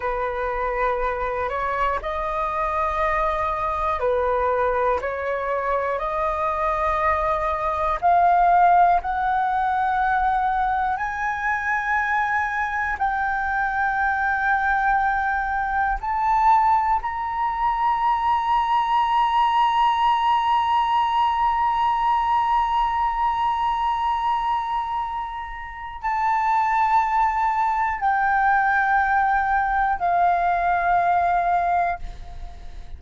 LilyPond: \new Staff \with { instrumentName = "flute" } { \time 4/4 \tempo 4 = 60 b'4. cis''8 dis''2 | b'4 cis''4 dis''2 | f''4 fis''2 gis''4~ | gis''4 g''2. |
a''4 ais''2.~ | ais''1~ | ais''2 a''2 | g''2 f''2 | }